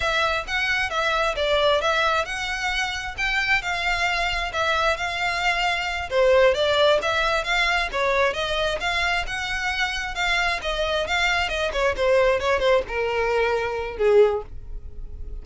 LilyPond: \new Staff \with { instrumentName = "violin" } { \time 4/4 \tempo 4 = 133 e''4 fis''4 e''4 d''4 | e''4 fis''2 g''4 | f''2 e''4 f''4~ | f''4. c''4 d''4 e''8~ |
e''8 f''4 cis''4 dis''4 f''8~ | f''8 fis''2 f''4 dis''8~ | dis''8 f''4 dis''8 cis''8 c''4 cis''8 | c''8 ais'2~ ais'8 gis'4 | }